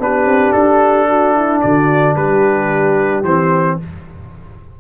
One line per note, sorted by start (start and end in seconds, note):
0.00 0.26 B3
0.00 3.24 D4
0.00 1.09 G4
0.00 0.53 B4
0.26 0.53 C4
0.53 1.63 D4
0.53 1.61 A4
1.09 1.35 F#4
1.35 1.62 E4
1.61 2.17 D3
1.61 2.16 F#4
1.61 2.15 D5
2.16 3.24 G3
2.16 3.78 G4
2.16 3.24 B4
3.24 3.78 E3
3.24 3.81 C4
3.24 3.78 C5